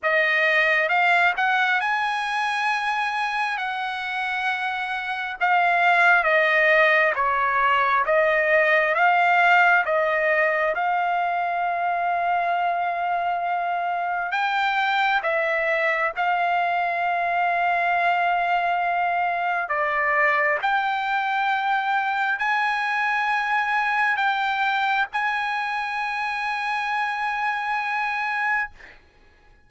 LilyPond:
\new Staff \with { instrumentName = "trumpet" } { \time 4/4 \tempo 4 = 67 dis''4 f''8 fis''8 gis''2 | fis''2 f''4 dis''4 | cis''4 dis''4 f''4 dis''4 | f''1 |
g''4 e''4 f''2~ | f''2 d''4 g''4~ | g''4 gis''2 g''4 | gis''1 | }